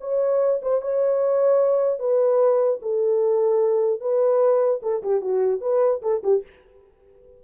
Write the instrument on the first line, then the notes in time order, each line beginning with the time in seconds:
horn
0.00 C#5
0.62 C5
0.81 C#5
1.99 B4
2.82 A4
4.00 B4
4.82 A4
5.03 G4
5.21 F#4
5.61 B4
6.02 A4
6.23 G4